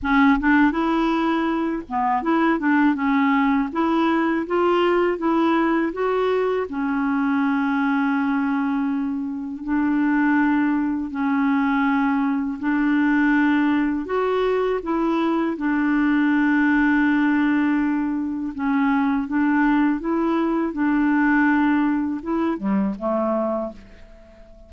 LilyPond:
\new Staff \with { instrumentName = "clarinet" } { \time 4/4 \tempo 4 = 81 cis'8 d'8 e'4. b8 e'8 d'8 | cis'4 e'4 f'4 e'4 | fis'4 cis'2.~ | cis'4 d'2 cis'4~ |
cis'4 d'2 fis'4 | e'4 d'2.~ | d'4 cis'4 d'4 e'4 | d'2 e'8 g8 a4 | }